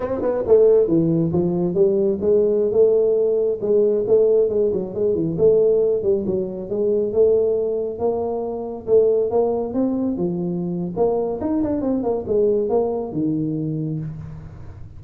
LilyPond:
\new Staff \with { instrumentName = "tuba" } { \time 4/4 \tempo 4 = 137 c'8 b8 a4 e4 f4 | g4 gis4~ gis16 a4.~ a16~ | a16 gis4 a4 gis8 fis8 gis8 e16~ | e16 a4. g8 fis4 gis8.~ |
gis16 a2 ais4.~ ais16~ | ais16 a4 ais4 c'4 f8.~ | f4 ais4 dis'8 d'8 c'8 ais8 | gis4 ais4 dis2 | }